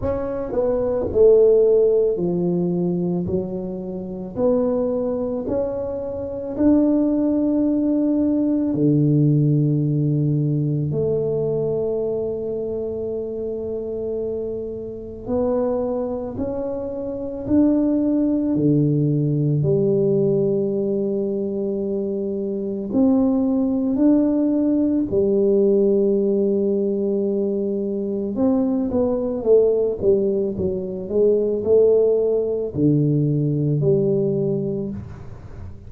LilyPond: \new Staff \with { instrumentName = "tuba" } { \time 4/4 \tempo 4 = 55 cis'8 b8 a4 f4 fis4 | b4 cis'4 d'2 | d2 a2~ | a2 b4 cis'4 |
d'4 d4 g2~ | g4 c'4 d'4 g4~ | g2 c'8 b8 a8 g8 | fis8 gis8 a4 d4 g4 | }